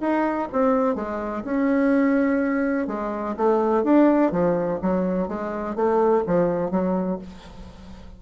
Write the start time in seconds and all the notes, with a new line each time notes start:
0.00 D#4
0.52 C4
0.95 G#3
1.44 C#4
2.87 G#3
3.36 A3
3.83 D4
4.31 F3
4.81 F#3
5.28 G#3
5.75 A3
6.26 F3
6.70 F#3